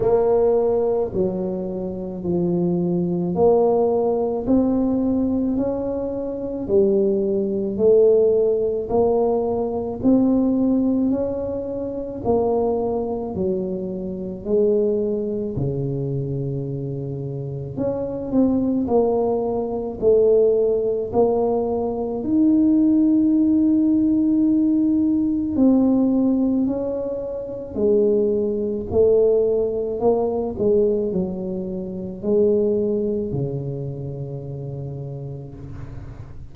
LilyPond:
\new Staff \with { instrumentName = "tuba" } { \time 4/4 \tempo 4 = 54 ais4 fis4 f4 ais4 | c'4 cis'4 g4 a4 | ais4 c'4 cis'4 ais4 | fis4 gis4 cis2 |
cis'8 c'8 ais4 a4 ais4 | dis'2. c'4 | cis'4 gis4 a4 ais8 gis8 | fis4 gis4 cis2 | }